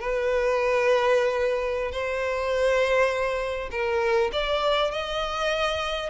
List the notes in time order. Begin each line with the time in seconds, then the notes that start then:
0.00 B4
1.92 C5
3.72 A#4
4.33 D5
4.91 D#5